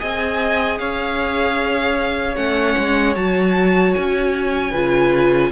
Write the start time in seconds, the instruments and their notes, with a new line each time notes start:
0.00 cello C4, viola G#4, violin D#5 G#5
0.79 cello C#4, violin C#5 F5
2.36 cello A3, viola C#4, violin F#5
2.78 cello G#3
3.16 cello F#3, viola F#4, violin A5
3.94 cello C#4, violin G#5
4.71 cello C#3, viola F4, violin B4